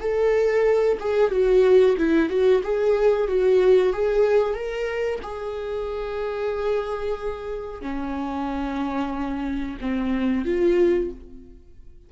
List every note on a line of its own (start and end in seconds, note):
0.00 0.98 A4
1.00 1.31 G#4
1.31 1.96 F#4
1.98 2.29 E4
2.29 2.62 F#4
2.64 3.28 G#4
3.28 3.93 F#4
3.93 4.54 G#4
4.54 5.19 A#4
5.23 7.82 G#4
7.82 9.77 C#4
9.81 10.45 C4
10.45 11.10 F4